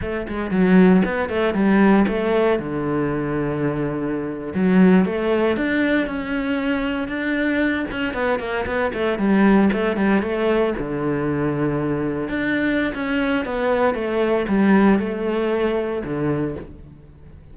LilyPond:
\new Staff \with { instrumentName = "cello" } { \time 4/4 \tempo 4 = 116 a8 gis8 fis4 b8 a8 g4 | a4 d2.~ | d8. fis4 a4 d'4 cis'16~ | cis'4.~ cis'16 d'4. cis'8 b16~ |
b16 ais8 b8 a8 g4 a8 g8 a16~ | a8. d2. d'16~ | d'4 cis'4 b4 a4 | g4 a2 d4 | }